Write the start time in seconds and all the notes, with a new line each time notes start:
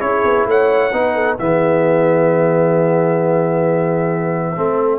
0.00 C#4 E4 G#4 C#5
0.25 B3
0.46 A3 C#5 F#5
0.93 B3 D#4 B4
1.15 A4
1.38 E3 B3 G#4 E5
4.55 A3 C4 A4